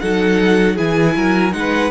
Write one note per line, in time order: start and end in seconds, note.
0.00 0.78 F#3
0.00 0.78 D#4
0.00 0.76 A4
0.00 0.77 F#5
0.76 1.16 E3
0.76 1.52 E4
0.76 1.14 G#4
0.76 1.53 G#5
1.16 1.54 F#3
1.16 1.55 A#4
1.52 1.92 G#3
1.52 1.91 D#4
1.52 1.92 F#5
1.59 1.92 B4